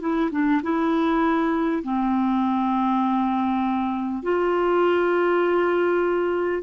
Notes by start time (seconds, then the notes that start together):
0.00 E4
0.31 D4
0.63 E4
1.83 C4
4.22 F4